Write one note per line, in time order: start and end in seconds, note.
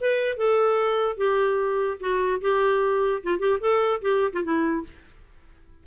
0.00 0.37 B4
0.37 1.17 A4
1.17 1.98 G4
2.00 2.40 F#4
2.41 3.22 G4
3.23 3.39 F4
3.39 3.59 G4
3.60 4.01 A4
4.02 4.32 G4
4.33 4.43 F4
4.43 4.84 E4